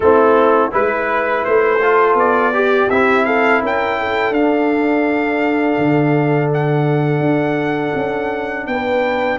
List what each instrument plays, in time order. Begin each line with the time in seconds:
0.00 tuba A3, trombone C4, horn E4, trumpet A4
0.71 tuba G#3, trombone E4, horn B4, trumpet B4
1.44 tuba A3, trumpet C5
1.81 trombone F4, horn A4
2.14 tuba B3, trumpet D5
2.53 trombone G4, horn G4
2.89 tuba C4, trombone E4, trumpet E5
3.25 horn A4, trumpet F5
3.62 tuba C#4, horn A#4, trumpet G5
3.99 horn A4
4.30 tuba D4, trombone D4, trumpet F5
5.77 tuba D3
6.53 trumpet F#5
7.19 tuba D4
7.94 tuba C#4
8.66 tuba B3, horn B4, trumpet G5